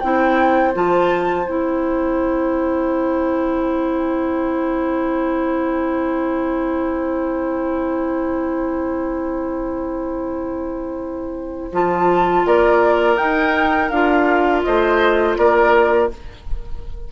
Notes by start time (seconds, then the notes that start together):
0.00 C4 E4 C5 G5
0.73 F3 F4 A5
1.47 C4 E4 G5
11.72 F3 F4 A5
12.46 A#3 A#4 D5
13.17 D#4 G5
13.89 D4 F4 F5
14.63 A3 C5 D#5
15.37 A#3 A#4 D5